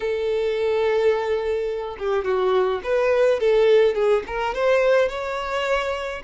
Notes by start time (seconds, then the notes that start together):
0.00 A4
1.99 G4
2.24 F#4
2.83 B4
3.40 A4
3.94 G#4
4.26 A#4
4.54 C5
5.08 C#5